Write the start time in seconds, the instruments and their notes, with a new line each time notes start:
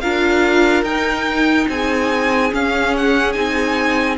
0.00 cello D4, viola F4, violin A#4 F5
0.83 cello D#4, viola D#4, violin G5
1.68 cello C4, violin G#4 G#5
2.50 viola C#4, cello C#4, violin F5
2.96 violin F#5
3.32 cello C4, viola D#4, violin G#5